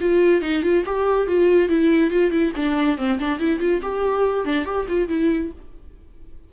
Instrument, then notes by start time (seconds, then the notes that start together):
viola
0.00 F4
0.41 D#4
0.62 F4
0.85 G4
1.27 F4
1.69 E4
2.10 F4
2.31 E4
2.56 D4
2.97 C4
3.19 D4
3.39 E4
3.59 F4
3.82 G4
4.44 D4
4.65 G4
4.88 F4
5.08 E4